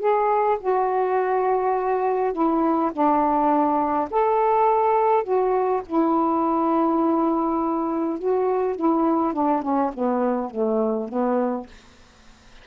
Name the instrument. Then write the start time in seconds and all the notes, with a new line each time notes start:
saxophone
0.00 G#4
0.60 F#4
2.33 E4
2.93 D4
4.11 A4
5.24 F#4
5.86 E4
8.19 F#4
8.76 E4
9.34 D4
9.62 C#4
9.94 B3
10.50 A3
11.08 B3